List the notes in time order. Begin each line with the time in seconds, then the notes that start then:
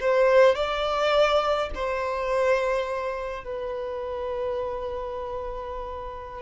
0.00 C5
0.55 D5
1.74 C5
3.44 B4